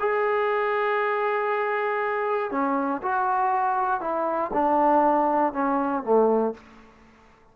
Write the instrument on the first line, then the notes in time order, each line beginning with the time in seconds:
trombone
0.00 G#4
2.51 C#4
3.03 F#4
4.01 E4
4.54 D4
5.53 C#4
6.03 A3